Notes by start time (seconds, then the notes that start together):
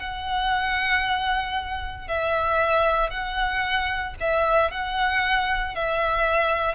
0.00 F#5
2.08 E5
3.11 F#5
4.20 E5
4.71 F#5
5.75 E5